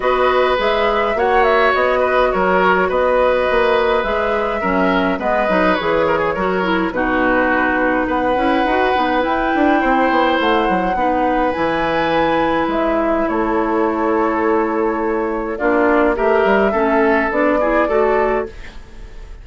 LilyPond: <<
  \new Staff \with { instrumentName = "flute" } { \time 4/4 \tempo 4 = 104 dis''4 e''4 fis''8 e''8 dis''4 | cis''4 dis''2 e''4~ | e''4 dis''4 cis''2 | b'2 fis''2 |
g''2 fis''2 | gis''2 e''4 cis''4~ | cis''2. d''4 | e''2 d''2 | }
  \new Staff \with { instrumentName = "oboe" } { \time 4/4 b'2 cis''4. b'8 | ais'4 b'2. | ais'4 b'4. ais'16 gis'16 ais'4 | fis'2 b'2~ |
b'4 c''2 b'4~ | b'2. a'4~ | a'2. f'4 | ais'4 a'4. gis'8 a'4 | }
  \new Staff \with { instrumentName = "clarinet" } { \time 4/4 fis'4 gis'4 fis'2~ | fis'2. gis'4 | cis'4 b8 dis'8 gis'4 fis'8 e'8 | dis'2~ dis'8 e'8 fis'8 dis'8 |
e'2. dis'4 | e'1~ | e'2. d'4 | g'4 cis'4 d'8 e'8 fis'4 | }
  \new Staff \with { instrumentName = "bassoon" } { \time 4/4 b4 gis4 ais4 b4 | fis4 b4 ais4 gis4 | fis4 gis8 fis8 e4 fis4 | b,2 b8 cis'8 dis'8 b8 |
e'8 d'8 c'8 b8 a8 fis8 b4 | e2 gis4 a4~ | a2. ais4 | a8 g8 a4 b4 a4 | }
>>